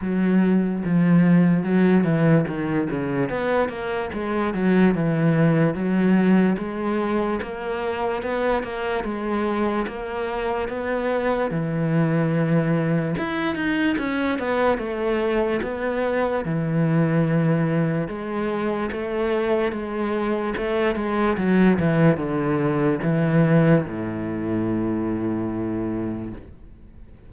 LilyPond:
\new Staff \with { instrumentName = "cello" } { \time 4/4 \tempo 4 = 73 fis4 f4 fis8 e8 dis8 cis8 | b8 ais8 gis8 fis8 e4 fis4 | gis4 ais4 b8 ais8 gis4 | ais4 b4 e2 |
e'8 dis'8 cis'8 b8 a4 b4 | e2 gis4 a4 | gis4 a8 gis8 fis8 e8 d4 | e4 a,2. | }